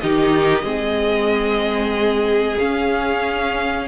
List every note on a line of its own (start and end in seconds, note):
0.00 0.63 D#3
0.00 0.64 D#4
0.00 0.64 G4
0.00 2.58 D#5
0.63 2.57 G#3
0.63 2.58 C4
0.63 3.87 G#4
2.59 3.88 C#4
2.59 3.88 F5